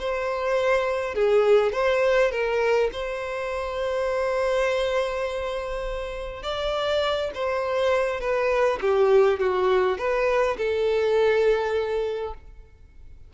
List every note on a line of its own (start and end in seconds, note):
0.00 1.15 C5
1.15 1.73 G#4
1.73 2.32 C5
2.32 2.90 A#4
2.93 6.43 C5
6.43 7.31 D5
7.35 8.21 C5
8.21 8.80 B4
8.82 9.40 G4
9.40 9.98 F#4
9.98 10.57 B4
10.58 12.34 A4